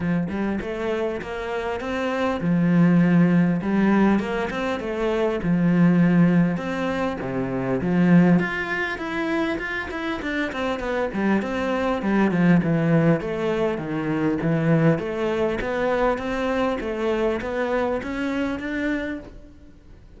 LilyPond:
\new Staff \with { instrumentName = "cello" } { \time 4/4 \tempo 4 = 100 f8 g8 a4 ais4 c'4 | f2 g4 ais8 c'8 | a4 f2 c'4 | c4 f4 f'4 e'4 |
f'8 e'8 d'8 c'8 b8 g8 c'4 | g8 f8 e4 a4 dis4 | e4 a4 b4 c'4 | a4 b4 cis'4 d'4 | }